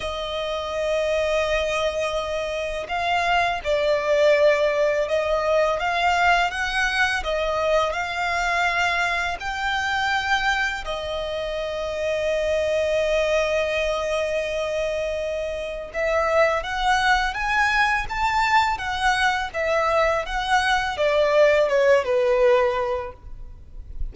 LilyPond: \new Staff \with { instrumentName = "violin" } { \time 4/4 \tempo 4 = 83 dis''1 | f''4 d''2 dis''4 | f''4 fis''4 dis''4 f''4~ | f''4 g''2 dis''4~ |
dis''1~ | dis''2 e''4 fis''4 | gis''4 a''4 fis''4 e''4 | fis''4 d''4 cis''8 b'4. | }